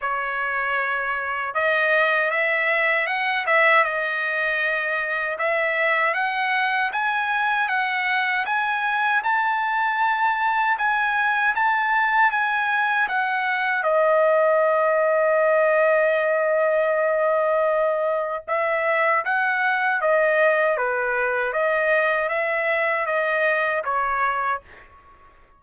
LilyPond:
\new Staff \with { instrumentName = "trumpet" } { \time 4/4 \tempo 4 = 78 cis''2 dis''4 e''4 | fis''8 e''8 dis''2 e''4 | fis''4 gis''4 fis''4 gis''4 | a''2 gis''4 a''4 |
gis''4 fis''4 dis''2~ | dis''1 | e''4 fis''4 dis''4 b'4 | dis''4 e''4 dis''4 cis''4 | }